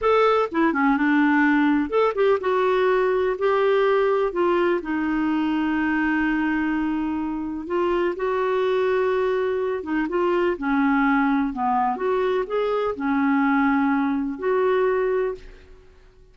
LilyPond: \new Staff \with { instrumentName = "clarinet" } { \time 4/4 \tempo 4 = 125 a'4 e'8 cis'8 d'2 | a'8 g'8 fis'2 g'4~ | g'4 f'4 dis'2~ | dis'1 |
f'4 fis'2.~ | fis'8 dis'8 f'4 cis'2 | b4 fis'4 gis'4 cis'4~ | cis'2 fis'2 | }